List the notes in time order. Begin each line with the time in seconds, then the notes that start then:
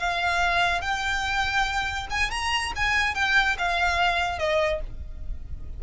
0.00 F5
0.82 G5
2.11 G#5
2.31 A#5
2.76 G#5
3.15 G5
3.59 F5
4.39 D#5